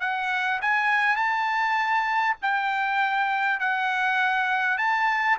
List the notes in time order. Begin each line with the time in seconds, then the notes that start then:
0.00 F#5
0.61 G#5
1.16 A5
2.42 G5
3.60 F#5
4.78 A5